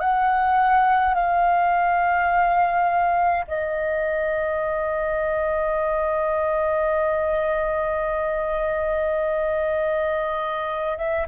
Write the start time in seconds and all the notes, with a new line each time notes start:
0.00 F#5
1.14 F5
3.47 D#5
10.97 E5